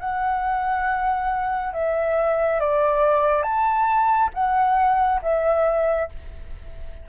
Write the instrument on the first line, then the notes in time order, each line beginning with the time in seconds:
flute
0.00 F#5
1.74 E5
2.60 D5
3.43 A5
4.34 F#5
5.22 E5